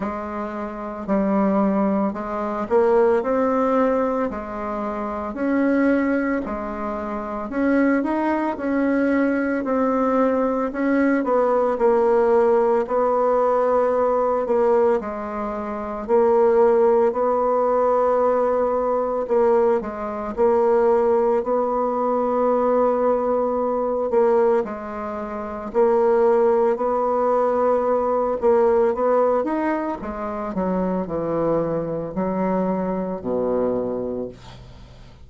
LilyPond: \new Staff \with { instrumentName = "bassoon" } { \time 4/4 \tempo 4 = 56 gis4 g4 gis8 ais8 c'4 | gis4 cis'4 gis4 cis'8 dis'8 | cis'4 c'4 cis'8 b8 ais4 | b4. ais8 gis4 ais4 |
b2 ais8 gis8 ais4 | b2~ b8 ais8 gis4 | ais4 b4. ais8 b8 dis'8 | gis8 fis8 e4 fis4 b,4 | }